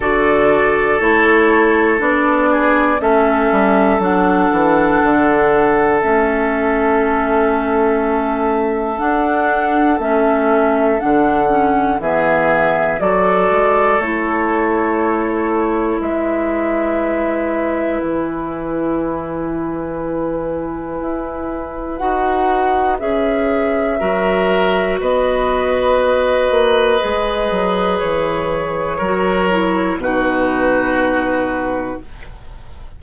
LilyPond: <<
  \new Staff \with { instrumentName = "flute" } { \time 4/4 \tempo 4 = 60 d''4 cis''4 d''4 e''4 | fis''2 e''2~ | e''4 fis''4 e''4 fis''4 | e''4 d''4 cis''2 |
e''2 gis''2~ | gis''2 fis''4 e''4~ | e''4 dis''2. | cis''2 b'2 | }
  \new Staff \with { instrumentName = "oboe" } { \time 4/4 a'2~ a'8 gis'8 a'4~ | a'1~ | a'1 | gis'4 a'2. |
b'1~ | b'1 | ais'4 b'2.~ | b'4 ais'4 fis'2 | }
  \new Staff \with { instrumentName = "clarinet" } { \time 4/4 fis'4 e'4 d'4 cis'4 | d'2 cis'2~ | cis'4 d'4 cis'4 d'8 cis'8 | b4 fis'4 e'2~ |
e'1~ | e'2 fis'4 gis'4 | fis'2. gis'4~ | gis'4 fis'8 e'8 dis'2 | }
  \new Staff \with { instrumentName = "bassoon" } { \time 4/4 d4 a4 b4 a8 g8 | fis8 e8 d4 a2~ | a4 d'4 a4 d4 | e4 fis8 gis8 a2 |
gis2 e2~ | e4 e'4 dis'4 cis'4 | fis4 b4. ais8 gis8 fis8 | e4 fis4 b,2 | }
>>